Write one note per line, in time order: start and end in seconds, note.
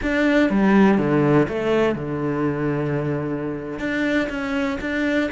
0.02 0.50 D4
0.50 0.98 G3
0.98 1.47 D3
1.48 1.95 A3
1.95 3.79 D3
3.79 4.28 D4
4.29 4.78 C#4
4.81 5.30 D4